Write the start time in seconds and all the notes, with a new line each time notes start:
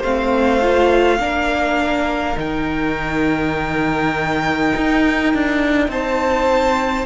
0.00 A3 C4 C5 F5
0.62 F4
1.19 A#3 D4 A#4
2.36 D#3 D#4 G5
4.76 D#4
5.34 D4
5.88 C4 C5 A5